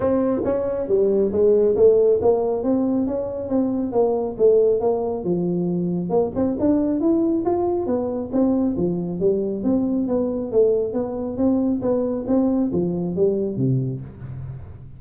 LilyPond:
\new Staff \with { instrumentName = "tuba" } { \time 4/4 \tempo 4 = 137 c'4 cis'4 g4 gis4 | a4 ais4 c'4 cis'4 | c'4 ais4 a4 ais4 | f2 ais8 c'8 d'4 |
e'4 f'4 b4 c'4 | f4 g4 c'4 b4 | a4 b4 c'4 b4 | c'4 f4 g4 c4 | }